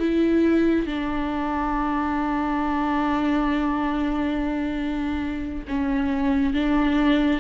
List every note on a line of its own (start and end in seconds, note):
0.00 0.87 E4
0.87 5.65 D4
5.68 6.54 C#4
6.54 7.40 D4